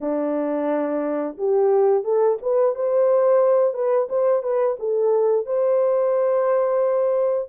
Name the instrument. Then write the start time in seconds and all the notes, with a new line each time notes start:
horn
0.00 D4
1.37 G4
2.04 A4
2.42 B4
2.75 C5
3.73 B4
4.09 C5
4.42 B4
4.79 A4
5.46 C5